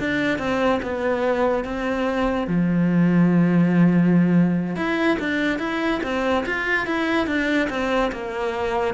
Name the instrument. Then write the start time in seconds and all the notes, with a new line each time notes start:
cello
0.00 D4
0.39 C4
0.83 B3
1.65 C4
2.48 F3
4.76 E4
5.20 D4
5.59 E4
6.03 C4
6.47 F4
6.87 E4
7.27 D4
7.70 C4
8.12 A#3